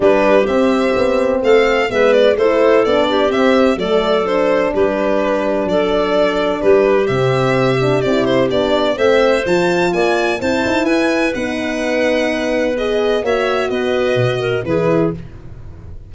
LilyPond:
<<
  \new Staff \with { instrumentName = "violin" } { \time 4/4 \tempo 4 = 127 b'4 e''2 f''4 | e''8 d''8 c''4 d''4 e''4 | d''4 c''4 b'2 | d''2 b'4 e''4~ |
e''4 d''8 c''8 d''4 e''4 | a''4 gis''4 a''4 gis''4 | fis''2. dis''4 | e''4 dis''2 b'4 | }
  \new Staff \with { instrumentName = "clarinet" } { \time 4/4 g'2. a'4 | b'4 a'4. g'4. | a'2 g'2 | a'2 g'2~ |
g'2. c''4~ | c''4 d''4 c''4 b'4~ | b'1 | cis''4 b'4. ais'8 gis'4 | }
  \new Staff \with { instrumentName = "horn" } { \time 4/4 d'4 c'2. | b4 e'4 d'4 c'4 | a4 d'2.~ | d'2. c'4~ |
c'8 d'8 e'4 d'4 c'4 | f'2 e'2 | dis'2. gis'4 | fis'2. e'4 | }
  \new Staff \with { instrumentName = "tuba" } { \time 4/4 g4 c'4 b4 a4 | gis4 a4 b4 c'4 | fis2 g2 | fis2 g4 c4~ |
c4 c'4 b4 a4 | f4 ais4 c'8 dis'8 e'4 | b1 | ais4 b4 b,4 e4 | }
>>